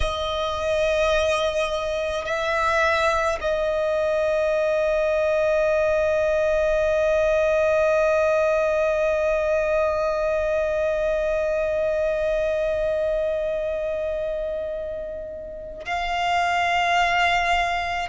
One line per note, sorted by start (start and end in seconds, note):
0.00 2.25 D#5
2.25 3.38 E5
3.41 15.85 D#5
15.85 18.08 F5